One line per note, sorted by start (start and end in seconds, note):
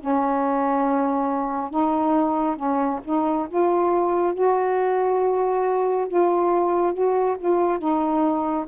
0.00 1.70 C#4
1.70 2.56 D#4
2.56 2.99 C#4
3.04 3.47 D#4
3.48 4.34 F4
4.34 6.08 F#4
6.08 6.93 F4
6.93 7.36 F#4
7.38 7.78 F4
7.78 8.65 D#4